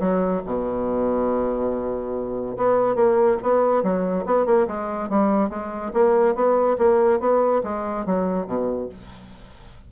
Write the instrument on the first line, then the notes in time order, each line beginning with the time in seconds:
bassoon
0.00 F#3
0.46 B2
2.57 B3
2.96 A#3
3.43 B3
3.83 F#3
4.26 B3
4.46 A#3
4.68 G#3
5.10 G3
5.50 G#3
5.94 A#3
6.35 B3
6.79 A#3
7.20 B3
7.64 G#3
8.06 F#3
8.47 B2